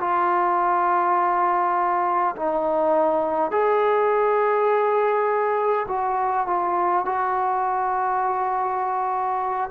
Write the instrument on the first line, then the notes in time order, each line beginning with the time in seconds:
trombone
0.00 F4
2.36 D#4
3.51 G#4
5.88 F#4
6.47 F4
7.05 F#4